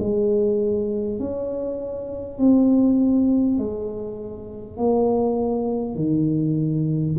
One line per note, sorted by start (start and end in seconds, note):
0.00 1.19 G#3
1.19 2.39 C#4
2.39 3.58 C4
3.58 4.78 G#3
4.78 5.96 A#3
5.96 7.16 D#3